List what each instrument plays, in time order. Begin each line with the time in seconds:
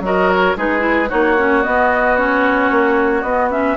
0.00 bassoon F#3, clarinet F#4, oboe A#4, flute D#5
0.30 flute C#5
0.56 bassoon G#3, clarinet D#4, oboe G#4, flute B4
0.79 clarinet E4
1.09 bassoon A#3, clarinet D#4, oboe F#4, flute C#5
1.38 clarinet C#4
1.62 clarinet B3, bassoon B3, flute D#5
2.16 clarinet C#4, flute C#5
2.70 bassoon A#3
3.22 bassoon B3, flute D#5
3.29 clarinet B3
3.51 clarinet C#4, flute E5